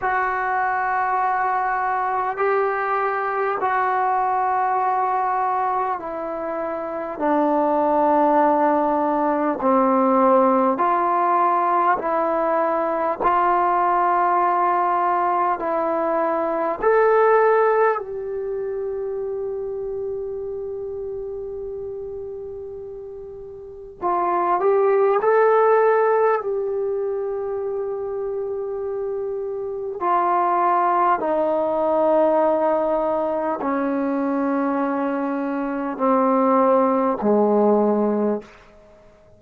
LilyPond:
\new Staff \with { instrumentName = "trombone" } { \time 4/4 \tempo 4 = 50 fis'2 g'4 fis'4~ | fis'4 e'4 d'2 | c'4 f'4 e'4 f'4~ | f'4 e'4 a'4 g'4~ |
g'1 | f'8 g'8 a'4 g'2~ | g'4 f'4 dis'2 | cis'2 c'4 gis4 | }